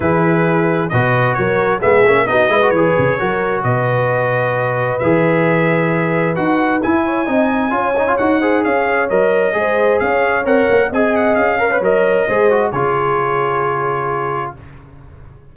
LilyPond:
<<
  \new Staff \with { instrumentName = "trumpet" } { \time 4/4 \tempo 4 = 132 b'2 dis''4 cis''4 | e''4 dis''4 cis''2 | dis''2. e''4~ | e''2 fis''4 gis''4~ |
gis''2 fis''4 f''4 | dis''2 f''4 fis''4 | gis''8 fis''8 f''4 dis''2 | cis''1 | }
  \new Staff \with { instrumentName = "horn" } { \time 4/4 gis'2 b'4 ais'4 | gis'4 fis'8 b'4. ais'4 | b'1~ | b'2.~ b'8 cis''8 |
dis''4 cis''4. c''8 cis''4~ | cis''4 c''4 cis''2 | dis''4. cis''4. c''4 | gis'1 | }
  \new Staff \with { instrumentName = "trombone" } { \time 4/4 e'2 fis'2 | b8 cis'8 dis'8 e'16 fis'16 gis'4 fis'4~ | fis'2. gis'4~ | gis'2 fis'4 e'4 |
dis'4 f'8 dis'16 f'16 fis'8 gis'4. | ais'4 gis'2 ais'4 | gis'4. ais'16 b'16 ais'4 gis'8 fis'8 | f'1 | }
  \new Staff \with { instrumentName = "tuba" } { \time 4/4 e2 b,4 fis4 | gis8 ais8 b8 gis8 e8 cis8 fis4 | b,2. e4~ | e2 dis'4 e'4 |
c'4 cis'4 dis'4 cis'4 | fis4 gis4 cis'4 c'8 ais8 | c'4 cis'4 fis4 gis4 | cis1 | }
>>